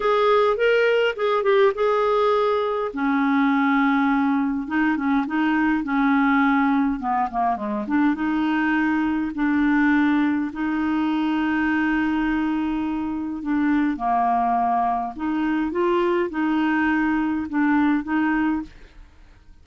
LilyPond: \new Staff \with { instrumentName = "clarinet" } { \time 4/4 \tempo 4 = 103 gis'4 ais'4 gis'8 g'8 gis'4~ | gis'4 cis'2. | dis'8 cis'8 dis'4 cis'2 | b8 ais8 gis8 d'8 dis'2 |
d'2 dis'2~ | dis'2. d'4 | ais2 dis'4 f'4 | dis'2 d'4 dis'4 | }